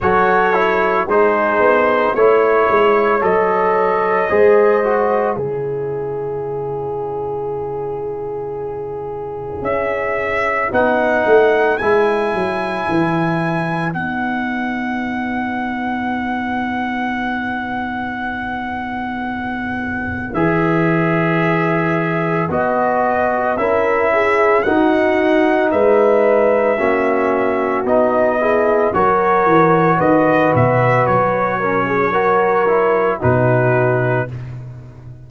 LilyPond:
<<
  \new Staff \with { instrumentName = "trumpet" } { \time 4/4 \tempo 4 = 56 cis''4 c''4 cis''4 dis''4~ | dis''4 cis''2.~ | cis''4 e''4 fis''4 gis''4~ | gis''4 fis''2.~ |
fis''2. e''4~ | e''4 dis''4 e''4 fis''4 | e''2 dis''4 cis''4 | dis''8 e''8 cis''2 b'4 | }
  \new Staff \with { instrumentName = "horn" } { \time 4/4 a'4 gis'4 cis''2 | c''4 gis'2.~ | gis'2 b'2~ | b'1~ |
b'1~ | b'2 ais'8 gis'8 fis'4 | b'4 fis'4. gis'8 ais'4 | b'4. ais'16 gis'16 ais'4 fis'4 | }
  \new Staff \with { instrumentName = "trombone" } { \time 4/4 fis'8 e'8 dis'4 e'4 a'4 | gis'8 fis'8 e'2.~ | e'2 dis'4 e'4~ | e'4 dis'2.~ |
dis'2. gis'4~ | gis'4 fis'4 e'4 dis'4~ | dis'4 cis'4 dis'8 e'8 fis'4~ | fis'4. cis'8 fis'8 e'8 dis'4 | }
  \new Staff \with { instrumentName = "tuba" } { \time 4/4 fis4 gis8 b8 a8 gis8 fis4 | gis4 cis2.~ | cis4 cis'4 b8 a8 gis8 fis8 | e4 b2.~ |
b2. e4~ | e4 b4 cis'4 dis'4 | gis4 ais4 b4 fis8 e8 | dis8 b,8 fis2 b,4 | }
>>